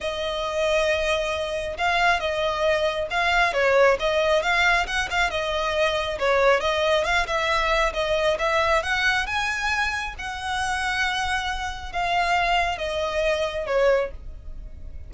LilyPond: \new Staff \with { instrumentName = "violin" } { \time 4/4 \tempo 4 = 136 dis''1 | f''4 dis''2 f''4 | cis''4 dis''4 f''4 fis''8 f''8 | dis''2 cis''4 dis''4 |
f''8 e''4. dis''4 e''4 | fis''4 gis''2 fis''4~ | fis''2. f''4~ | f''4 dis''2 cis''4 | }